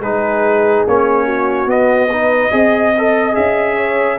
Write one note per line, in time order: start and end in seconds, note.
0.00 0.83 G#3
0.00 0.88 D#4
0.00 1.25 G#4
0.00 0.86 B4
0.87 1.66 A#3
0.87 1.67 C#4
0.87 1.70 C#5
1.25 2.09 F#4
1.66 2.50 B3
1.66 2.09 B3
1.66 3.35 D#5
2.10 2.51 D#4
2.10 2.51 B4
2.51 3.36 C4
2.51 2.93 G#4
2.51 3.76 D#5
2.98 3.34 A4
3.34 4.19 C#4
3.34 4.17 G#4
3.34 4.19 E5
3.76 4.17 C#5